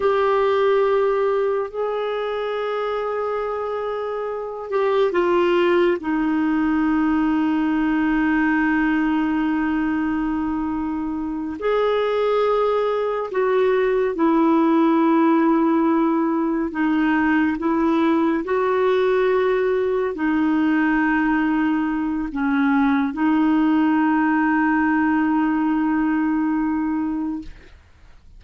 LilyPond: \new Staff \with { instrumentName = "clarinet" } { \time 4/4 \tempo 4 = 70 g'2 gis'2~ | gis'4. g'8 f'4 dis'4~ | dis'1~ | dis'4. gis'2 fis'8~ |
fis'8 e'2. dis'8~ | dis'8 e'4 fis'2 dis'8~ | dis'2 cis'4 dis'4~ | dis'1 | }